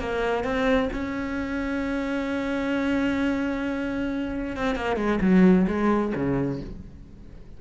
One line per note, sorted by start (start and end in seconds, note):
0.00 0.44 A#3
0.44 0.90 C4
0.93 4.57 C#4
4.57 4.76 C4
4.76 4.97 A#3
4.97 5.20 G#3
5.22 5.67 F#3
5.68 6.13 G#3
6.15 6.61 C#3